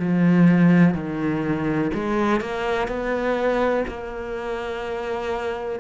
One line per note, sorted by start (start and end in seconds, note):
0.00 0.95 F3
0.95 1.92 D#3
1.94 2.41 G#3
2.41 2.89 A#3
2.89 3.85 B3
3.88 5.80 A#3